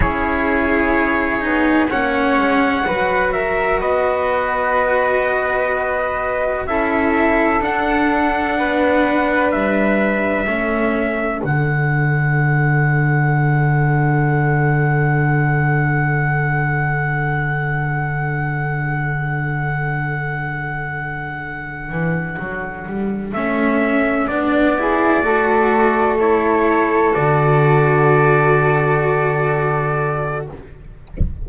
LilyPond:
<<
  \new Staff \with { instrumentName = "trumpet" } { \time 4/4 \tempo 4 = 63 cis''2 fis''4. e''8 | dis''2. e''4 | fis''2 e''2 | fis''1~ |
fis''1~ | fis''1~ | fis''8 e''4 d''2 cis''8~ | cis''8 d''2.~ d''8 | }
  \new Staff \with { instrumentName = "flute" } { \time 4/4 gis'2 cis''4 b'8 ais'8 | b'2. a'4~ | a'4 b'2 a'4~ | a'1~ |
a'1~ | a'1~ | a'2 gis'8 a'4.~ | a'1 | }
  \new Staff \with { instrumentName = "cello" } { \time 4/4 e'4. dis'8 cis'4 fis'4~ | fis'2. e'4 | d'2. cis'4 | d'1~ |
d'1~ | d'1~ | d'8 cis'4 d'8 e'8 fis'4 e'8~ | e'8 fis'2.~ fis'8 | }
  \new Staff \with { instrumentName = "double bass" } { \time 4/4 cis'4. b8 ais8 gis8 fis4 | b2. cis'4 | d'4 b4 g4 a4 | d1~ |
d1~ | d2. e8 fis8 | g8 a4 b4 a4.~ | a8 d2.~ d8 | }
>>